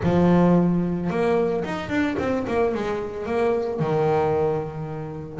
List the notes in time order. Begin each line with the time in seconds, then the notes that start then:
0.03 F3
1.10 A#3
1.64 D#4
1.89 D4
2.18 C4
2.47 A#3
2.74 G#3
3.26 A#3
3.79 D#3